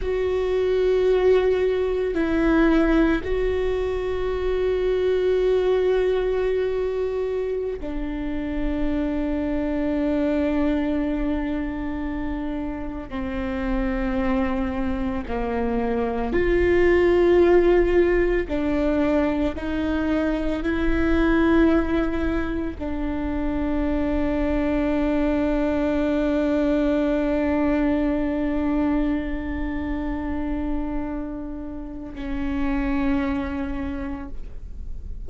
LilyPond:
\new Staff \with { instrumentName = "viola" } { \time 4/4 \tempo 4 = 56 fis'2 e'4 fis'4~ | fis'2.~ fis'16 d'8.~ | d'1~ | d'16 c'2 ais4 f'8.~ |
f'4~ f'16 d'4 dis'4 e'8.~ | e'4~ e'16 d'2~ d'8.~ | d'1~ | d'2 cis'2 | }